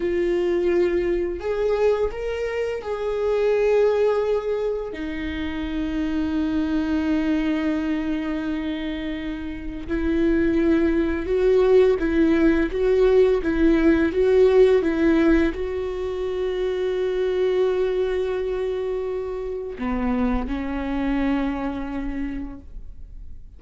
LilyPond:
\new Staff \with { instrumentName = "viola" } { \time 4/4 \tempo 4 = 85 f'2 gis'4 ais'4 | gis'2. dis'4~ | dis'1~ | dis'2 e'2 |
fis'4 e'4 fis'4 e'4 | fis'4 e'4 fis'2~ | fis'1 | b4 cis'2. | }